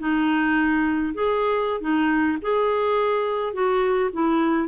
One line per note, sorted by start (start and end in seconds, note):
0.00 1.14 D#4
1.15 1.81 G#4
1.81 2.38 D#4
2.42 3.54 G#4
3.54 4.11 F#4
4.14 4.69 E4